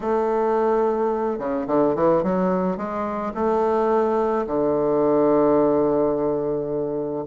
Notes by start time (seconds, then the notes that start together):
0.00 A3
1.38 C#3
1.67 D3
1.95 E3
2.23 F#3
2.77 G#3
3.34 A3
4.46 D3